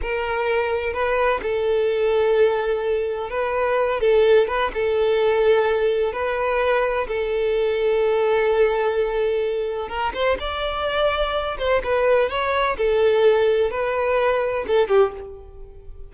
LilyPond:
\new Staff \with { instrumentName = "violin" } { \time 4/4 \tempo 4 = 127 ais'2 b'4 a'4~ | a'2. b'4~ | b'8 a'4 b'8 a'2~ | a'4 b'2 a'4~ |
a'1~ | a'4 ais'8 c''8 d''2~ | d''8 c''8 b'4 cis''4 a'4~ | a'4 b'2 a'8 g'8 | }